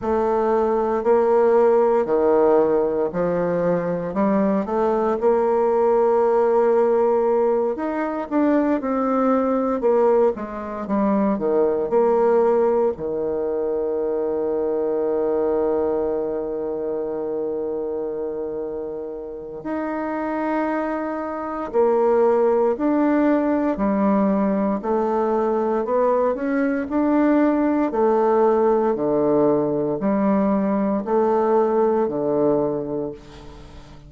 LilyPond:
\new Staff \with { instrumentName = "bassoon" } { \time 4/4 \tempo 4 = 58 a4 ais4 dis4 f4 | g8 a8 ais2~ ais8 dis'8 | d'8 c'4 ais8 gis8 g8 dis8 ais8~ | ais8 dis2.~ dis8~ |
dis2. dis'4~ | dis'4 ais4 d'4 g4 | a4 b8 cis'8 d'4 a4 | d4 g4 a4 d4 | }